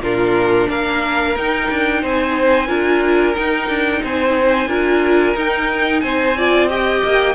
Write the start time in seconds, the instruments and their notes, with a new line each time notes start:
0.00 cello A#2, viola D4, violin F4 A#4
0.68 cello A#3, violin A#4 F5
1.36 cello D#4, viola D#4, violin G5
1.70 cello D4
2.02 cello C4, violin C5 G#5
2.68 cello D4, viola F4, violin A#4
3.35 viola D#4, cello D#4, violin G5
3.69 cello D4
4.03 cello C4, violin C5 G#5
4.68 cello D4, viola F4, violin A#4
5.35 viola D#4, cello D#4, violin G5
6.00 cello C4, violin C5 G#5
6.38 viola F4, violin D5
6.69 viola G4, violin D#5 G5
7.04 cello A#3